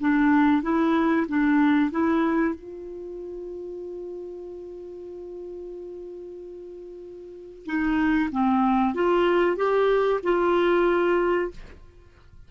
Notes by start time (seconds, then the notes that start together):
0.00 D4
0.62 E4
1.28 D4
1.91 E4
2.55 F4
7.66 D#4
8.32 C4
8.94 F4
9.57 G4
10.23 F4